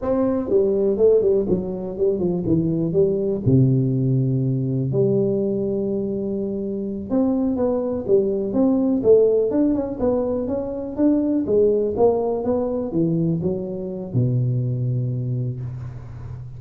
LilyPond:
\new Staff \with { instrumentName = "tuba" } { \time 4/4 \tempo 4 = 123 c'4 g4 a8 g8 fis4 | g8 f8 e4 g4 c4~ | c2 g2~ | g2~ g8 c'4 b8~ |
b8 g4 c'4 a4 d'8 | cis'8 b4 cis'4 d'4 gis8~ | gis8 ais4 b4 e4 fis8~ | fis4 b,2. | }